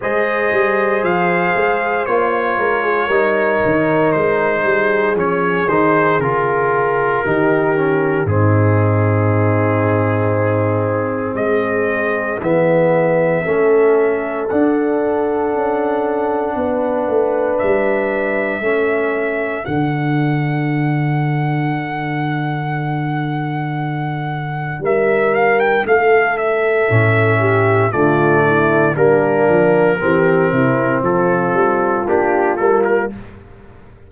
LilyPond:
<<
  \new Staff \with { instrumentName = "trumpet" } { \time 4/4 \tempo 4 = 58 dis''4 f''4 cis''2 | c''4 cis''8 c''8 ais'2 | gis'2. dis''4 | e''2 fis''2~ |
fis''4 e''2 fis''4~ | fis''1 | e''8 f''16 g''16 f''8 e''4. d''4 | ais'2 a'4 g'8 a'16 ais'16 | }
  \new Staff \with { instrumentName = "horn" } { \time 4/4 c''2~ c''8 ais'16 gis'16 ais'4~ | ais'8 gis'2~ gis'8 g'4 | dis'2. gis'4~ | gis'4 a'2. |
b'2 a'2~ | a'1 | ais'4 a'4. g'8 f'8 e'8 | d'4 g'8 e'8 f'2 | }
  \new Staff \with { instrumentName = "trombone" } { \time 4/4 gis'2 f'4 dis'4~ | dis'4 cis'8 dis'8 f'4 dis'8 cis'8 | c'1 | b4 cis'4 d'2~ |
d'2 cis'4 d'4~ | d'1~ | d'2 cis'4 a4 | ais4 c'2 d'8 ais8 | }
  \new Staff \with { instrumentName = "tuba" } { \time 4/4 gis8 g8 f8 gis8 ais8 gis8 g8 dis8 | gis8 g8 f8 dis8 cis4 dis4 | gis,2. gis4 | e4 a4 d'4 cis'4 |
b8 a8 g4 a4 d4~ | d1 | g4 a4 a,4 d4 | g8 f8 e8 c8 f8 g8 ais8 g8 | }
>>